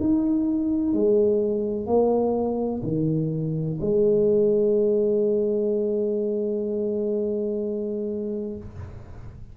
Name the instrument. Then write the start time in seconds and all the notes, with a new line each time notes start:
tuba
0.00 D#4
0.94 G#3
1.87 A#3
2.83 D#3
3.81 G#3